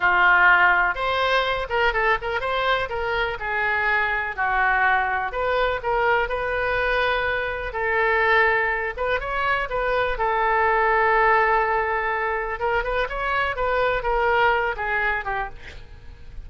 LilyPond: \new Staff \with { instrumentName = "oboe" } { \time 4/4 \tempo 4 = 124 f'2 c''4. ais'8 | a'8 ais'8 c''4 ais'4 gis'4~ | gis'4 fis'2 b'4 | ais'4 b'2. |
a'2~ a'8 b'8 cis''4 | b'4 a'2.~ | a'2 ais'8 b'8 cis''4 | b'4 ais'4. gis'4 g'8 | }